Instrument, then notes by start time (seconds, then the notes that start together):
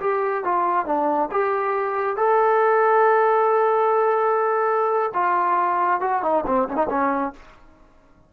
trombone
0.00 G4
0.44 F4
0.86 D4
1.31 G4
2.16 A4
5.13 F4
6.00 F#4
6.22 D#4
6.46 C4
6.69 C#4
6.75 D#4
6.89 C#4